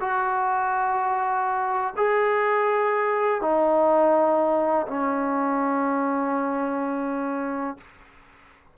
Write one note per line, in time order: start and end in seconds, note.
0.00 1.94 F#4
1.97 3.41 G#4
3.41 4.87 D#4
4.87 7.77 C#4